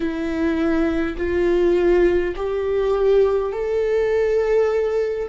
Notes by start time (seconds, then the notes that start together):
0.00 E4
1.17 F4
2.36 G4
3.52 A4